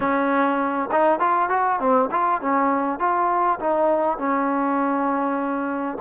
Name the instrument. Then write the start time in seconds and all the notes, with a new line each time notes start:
trombone
0.00 C#4
0.91 D#4
1.19 F4
1.49 F#4
1.79 C4
2.11 F4
2.41 C#4
2.99 F4
3.59 D#4
4.18 C#4